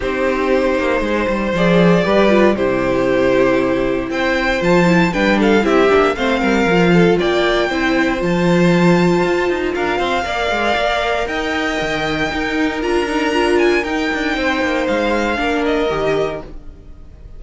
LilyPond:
<<
  \new Staff \with { instrumentName = "violin" } { \time 4/4 \tempo 4 = 117 c''2. d''4~ | d''4 c''2. | g''4 a''4 g''8 f''8 e''4 | f''2 g''2 |
a''2. f''4~ | f''2 g''2~ | g''4 ais''4. gis''8 g''4~ | g''4 f''4. dis''4. | }
  \new Staff \with { instrumentName = "violin" } { \time 4/4 g'2 c''2 | b'4 g'2. | c''2 b'8 a'8 g'4 | c''8 ais'4 a'8 d''4 c''4~ |
c''2. ais'8 c''8 | d''2 dis''2 | ais'1 | c''2 ais'2 | }
  \new Staff \with { instrumentName = "viola" } { \time 4/4 dis'2. gis'4 | g'8 f'8 e'2.~ | e'4 f'8 e'8 d'4 e'8 d'8 | c'4 f'2 e'4 |
f'1 | ais'1 | dis'4 f'8 dis'8 f'4 dis'4~ | dis'2 d'4 g'4 | }
  \new Staff \with { instrumentName = "cello" } { \time 4/4 c'4. ais8 gis8 g8 f4 | g4 c2. | c'4 f4 g4 c'8 ais8 | a8 g8 f4 ais4 c'4 |
f2 f'8 dis'8 d'8 c'8 | ais8 gis8 ais4 dis'4 dis4 | dis'4 d'2 dis'8 d'8 | c'8 ais8 gis4 ais4 dis4 | }
>>